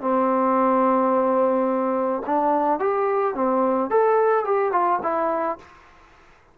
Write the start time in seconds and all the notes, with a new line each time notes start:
0.00 C4
2.26 D4
2.79 G4
3.34 C4
3.90 A4
4.44 G4
4.71 F4
5.03 E4